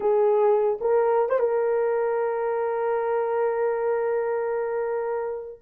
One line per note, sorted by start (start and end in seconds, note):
0.00 0.79 G#4
0.80 1.29 A#4
1.29 1.39 C5
1.39 5.59 A#4